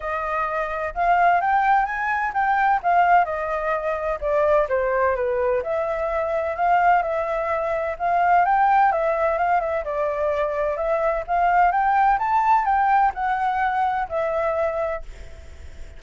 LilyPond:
\new Staff \with { instrumentName = "flute" } { \time 4/4 \tempo 4 = 128 dis''2 f''4 g''4 | gis''4 g''4 f''4 dis''4~ | dis''4 d''4 c''4 b'4 | e''2 f''4 e''4~ |
e''4 f''4 g''4 e''4 | f''8 e''8 d''2 e''4 | f''4 g''4 a''4 g''4 | fis''2 e''2 | }